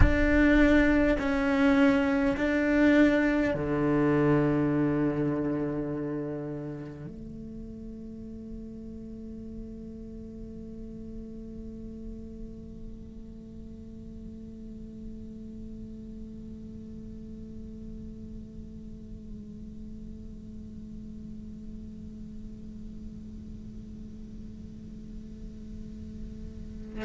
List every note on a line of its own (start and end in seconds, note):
0.00 1.17 D4
1.18 2.36 C#4
2.36 3.53 D4
3.53 7.06 D3
7.06 27.04 A3